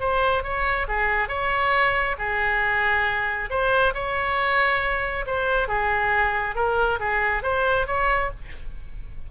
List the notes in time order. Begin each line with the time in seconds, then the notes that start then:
0.00 C5
0.43 C#5
0.88 G#4
1.29 C#5
2.18 G#4
3.50 C5
3.94 C#5
5.27 C5
5.68 G#4
6.56 A#4
7.00 G#4
7.43 C5
7.87 C#5